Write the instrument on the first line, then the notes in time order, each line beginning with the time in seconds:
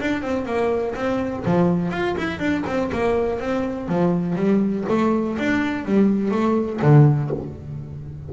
double bass
0.00 D4
0.22 C4
0.45 A#3
0.95 C4
1.45 F3
1.91 F4
2.17 E4
2.39 D4
2.66 C4
2.92 A#3
3.39 C4
3.88 F3
4.35 G3
4.88 A3
5.38 D4
5.85 G3
6.31 A3
6.82 D3